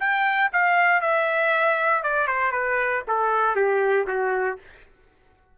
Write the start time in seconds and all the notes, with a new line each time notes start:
0.00 G5
0.53 F5
1.02 E5
2.04 D5
2.27 C5
2.52 B4
3.08 A4
3.56 G4
4.07 F#4